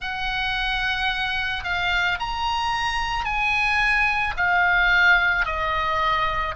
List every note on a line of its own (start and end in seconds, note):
0.00 1.64 F#5
1.64 2.18 F5
2.19 3.24 A#5
3.24 4.33 G#5
4.36 5.45 F5
5.45 6.55 D#5